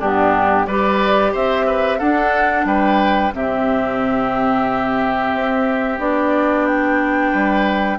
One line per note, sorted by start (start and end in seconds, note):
0.00 0.67 G2
0.00 0.69 B3
0.00 0.67 D4
0.00 0.67 G4
0.67 1.34 G3
0.67 2.00 G4
0.67 1.33 B4
0.67 1.34 D5
1.33 2.01 C4
1.33 1.66 C5
1.33 1.99 E5
1.67 1.99 B4
1.99 3.33 D4
1.99 2.65 D4
1.99 2.66 A4
1.99 2.66 F#5
2.65 3.32 G3
2.65 3.34 B4
2.65 3.33 G5
3.33 5.34 C3
3.33 5.99 C4
3.33 7.32 G4
3.33 6.01 E5
5.34 5.99 C4
5.99 7.32 B3
5.99 7.99 D4
5.99 6.67 D5
6.67 7.99 G5
7.32 7.99 G3
7.32 7.98 B4